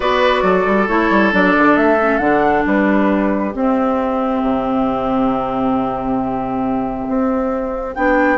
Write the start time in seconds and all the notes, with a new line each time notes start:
0.00 B3 F#4 B4 D5
0.42 F#3 A4
0.66 G3
0.87 A3 E4 C#5
1.10 G3
1.31 F#3 D4 D5
1.57 D3
1.76 A3 E5
2.00 C#4
2.18 D3 D4 F#5
2.64 G3 G4 B4
3.52 C4 E5
4.42 C3
7.08 C4
7.94 B3 D4 G5